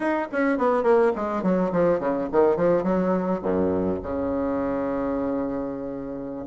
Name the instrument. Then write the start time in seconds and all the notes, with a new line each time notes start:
bassoon
0.00 D#4
0.32 C#4
0.57 B3
0.83 A#3
1.15 G#3
1.43 F#3
1.71 F3
1.99 C#3
2.32 D#3
2.56 F3
2.83 F#3
3.42 F#2
4.02 C#3